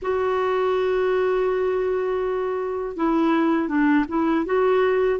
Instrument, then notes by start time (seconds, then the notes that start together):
clarinet
0.02 F#4
2.96 E4
3.68 D4
4.08 E4
4.45 F#4